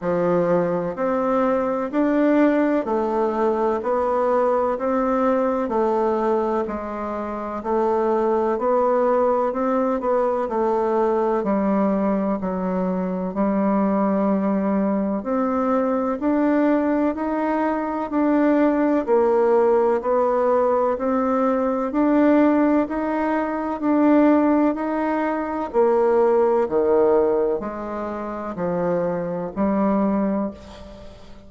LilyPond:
\new Staff \with { instrumentName = "bassoon" } { \time 4/4 \tempo 4 = 63 f4 c'4 d'4 a4 | b4 c'4 a4 gis4 | a4 b4 c'8 b8 a4 | g4 fis4 g2 |
c'4 d'4 dis'4 d'4 | ais4 b4 c'4 d'4 | dis'4 d'4 dis'4 ais4 | dis4 gis4 f4 g4 | }